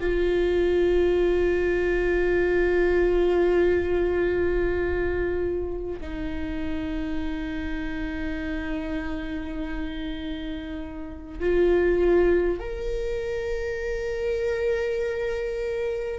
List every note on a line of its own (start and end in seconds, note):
0.00 6.00 F4
6.01 11.40 D#4
11.40 12.60 F4
12.60 16.19 A#4